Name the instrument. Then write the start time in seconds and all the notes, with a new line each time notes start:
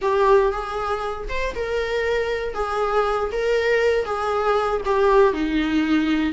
viola
0.01 G4
0.52 G#4
1.28 C5
1.54 A#4
2.54 G#4
3.32 A#4
4.05 G#4
4.85 G4
5.33 D#4